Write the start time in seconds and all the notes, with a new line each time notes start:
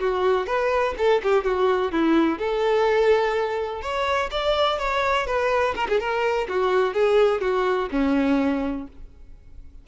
0.00 F#4
0.47 B4
0.98 A4
1.23 G4
1.44 F#4
1.92 E4
2.39 A4
3.82 C#5
4.31 D5
4.79 C#5
5.27 B4
5.76 A#4
5.89 G#4
6.00 A#4
6.48 F#4
6.94 G#4
7.41 F#4
7.92 C#4